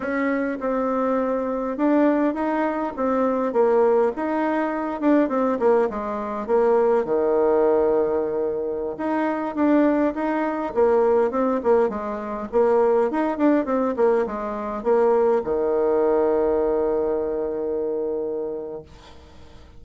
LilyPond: \new Staff \with { instrumentName = "bassoon" } { \time 4/4 \tempo 4 = 102 cis'4 c'2 d'4 | dis'4 c'4 ais4 dis'4~ | dis'8 d'8 c'8 ais8 gis4 ais4 | dis2.~ dis16 dis'8.~ |
dis'16 d'4 dis'4 ais4 c'8 ais16~ | ais16 gis4 ais4 dis'8 d'8 c'8 ais16~ | ais16 gis4 ais4 dis4.~ dis16~ | dis1 | }